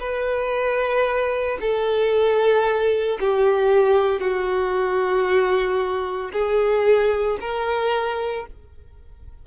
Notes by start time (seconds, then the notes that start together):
0.00 B4
1.61 A4
3.21 G4
4.21 F#4
6.33 G#4
7.41 A#4